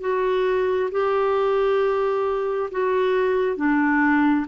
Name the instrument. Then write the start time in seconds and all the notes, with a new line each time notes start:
clarinet
0.00 F#4
0.91 G4
2.71 F#4
3.56 D4